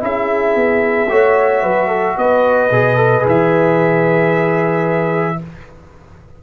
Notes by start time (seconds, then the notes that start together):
0.00 C#4 E4 G#4 E5
0.55 B3
1.09 A3 F#4 C#5
1.62 F#3 B4
1.87 A4
2.17 B3 B4 D#5
2.71 B2 G#4
2.96 A4
3.21 E3 G#4
3.28 E5